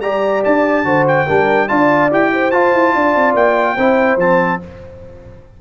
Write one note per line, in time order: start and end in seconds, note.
0.00 0.42 G3
0.00 0.84 G4
0.00 0.85 D5
0.00 0.42 A#5
0.44 0.84 D4
0.44 1.06 A5
0.84 1.25 D3
0.84 1.26 F#4
0.84 1.26 C5
1.07 1.68 G5
1.26 1.70 G3
1.26 1.68 D4
1.26 1.68 A#4
1.68 2.11 D4
1.68 2.10 F4
1.68 2.31 D5
1.68 2.09 A5
2.10 2.52 E4
2.10 2.52 G4
2.10 2.51 G5
2.33 2.95 C5
2.51 3.77 F4
2.51 2.73 F4
2.51 3.34 A5
2.73 2.93 E4
2.94 3.15 D4
2.94 3.75 D5
3.15 3.33 C4
3.33 3.75 A#3
3.33 4.18 G5
3.75 4.16 C4
3.75 4.19 E4
3.75 4.58 C5
4.16 4.58 F3
4.16 4.60 C4
4.16 4.61 A5